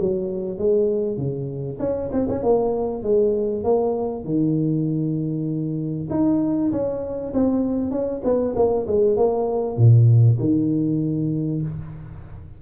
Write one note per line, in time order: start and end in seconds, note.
0.00 0.58 F#3
0.58 1.17 G#3
1.17 1.79 C#3
1.79 2.10 C#4
2.12 2.28 C4
2.29 2.43 C#4
2.43 3.03 A#3
3.03 3.64 G#3
3.64 4.25 A#3
4.25 6.09 D#3
6.10 6.72 D#4
6.72 7.33 C#4
7.34 7.91 C4
7.91 8.22 C#4
8.24 8.55 B3
8.56 8.86 A#3
8.87 9.17 G#3
9.17 9.77 A#3
9.77 10.39 A#2
10.39 11.62 D#3